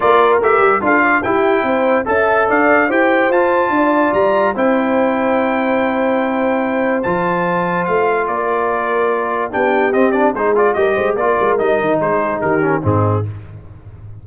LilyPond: <<
  \new Staff \with { instrumentName = "trumpet" } { \time 4/4 \tempo 4 = 145 d''4 e''4 f''4 g''4~ | g''4 a''4 f''4 g''4 | a''2 ais''4 g''4~ | g''1~ |
g''4 a''2 f''4 | d''2. g''4 | dis''8 d''8 c''8 d''8 dis''4 d''4 | dis''4 c''4 ais'4 gis'4 | }
  \new Staff \with { instrumentName = "horn" } { \time 4/4 ais'2 a'8 d''8 g'4 | c''4 e''4 d''4 c''4~ | c''4 d''2 c''4~ | c''1~ |
c''1 | ais'2. g'4~ | g'4 gis'4 ais'8 c''8 ais'4~ | ais'4 gis'4 g'4 dis'4 | }
  \new Staff \with { instrumentName = "trombone" } { \time 4/4 f'4 g'4 f'4 e'4~ | e'4 a'2 g'4 | f'2. e'4~ | e'1~ |
e'4 f'2.~ | f'2. d'4 | c'8 d'8 dis'8 f'8 g'4 f'4 | dis'2~ dis'8 cis'8 c'4 | }
  \new Staff \with { instrumentName = "tuba" } { \time 4/4 ais4 a8 g8 d'4 e'4 | c'4 cis'4 d'4 e'4 | f'4 d'4 g4 c'4~ | c'1~ |
c'4 f2 a4 | ais2. b4 | c'4 gis4 g8 gis8 ais8 gis8 | g8 dis8 gis4 dis4 gis,4 | }
>>